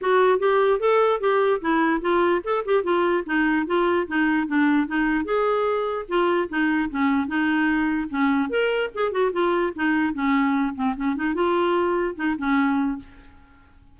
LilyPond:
\new Staff \with { instrumentName = "clarinet" } { \time 4/4 \tempo 4 = 148 fis'4 g'4 a'4 g'4 | e'4 f'4 a'8 g'8 f'4 | dis'4 f'4 dis'4 d'4 | dis'4 gis'2 f'4 |
dis'4 cis'4 dis'2 | cis'4 ais'4 gis'8 fis'8 f'4 | dis'4 cis'4. c'8 cis'8 dis'8 | f'2 dis'8 cis'4. | }